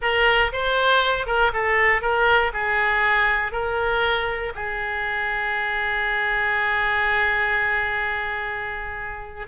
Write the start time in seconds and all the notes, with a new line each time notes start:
0.01 A#4
0.52 C5
1.26 A#4
1.53 A4
2.01 A#4
2.53 G#4
3.52 A#4
4.55 G#4